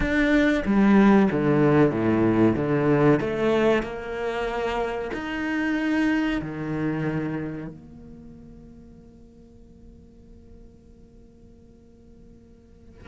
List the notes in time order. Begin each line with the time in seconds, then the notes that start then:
0.00 D4
0.65 G3
1.31 D3
1.91 A2
2.56 D3
3.20 A3
3.83 A#3
5.13 D#4
6.41 D#3
7.67 A#3